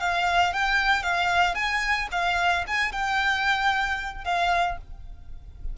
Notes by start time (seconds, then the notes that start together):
0.00 F5
0.53 G5
1.03 F5
1.55 G#5
2.12 F5
2.67 G#5
2.92 G5
4.25 F5